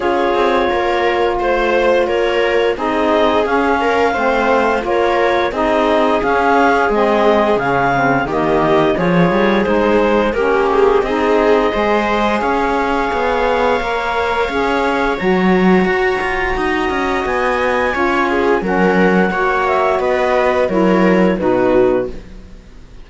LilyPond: <<
  \new Staff \with { instrumentName = "clarinet" } { \time 4/4 \tempo 4 = 87 cis''2 c''4 cis''4 | dis''4 f''2 cis''4 | dis''4 f''4 dis''4 f''4 | dis''4 cis''4 c''4 ais'8 gis'8 |
dis''2 f''2~ | f''2 ais''2~ | ais''4 gis''2 fis''4~ | fis''8 e''8 dis''4 cis''4 b'4 | }
  \new Staff \with { instrumentName = "viola" } { \time 4/4 gis'4 ais'4 c''4 ais'4 | gis'4. ais'8 c''4 ais'4 | gis'1 | g'4 gis'2 g'4 |
gis'4 c''4 cis''2~ | cis''1 | dis''2 cis''8 gis'8 ais'4 | cis''4 b'4 ais'4 fis'4 | }
  \new Staff \with { instrumentName = "saxophone" } { \time 4/4 f'1 | dis'4 cis'4 c'4 f'4 | dis'4 cis'4 c'4 cis'8 c'8 | ais4 f'4 dis'4 cis'4 |
dis'4 gis'2. | ais'4 gis'4 fis'2~ | fis'2 f'4 cis'4 | fis'2 e'4 dis'4 | }
  \new Staff \with { instrumentName = "cello" } { \time 4/4 cis'8 c'8 ais4 a4 ais4 | c'4 cis'4 a4 ais4 | c'4 cis'4 gis4 cis4 | dis4 f8 g8 gis4 ais4 |
c'4 gis4 cis'4 b4 | ais4 cis'4 fis4 fis'8 f'8 | dis'8 cis'8 b4 cis'4 fis4 | ais4 b4 fis4 b,4 | }
>>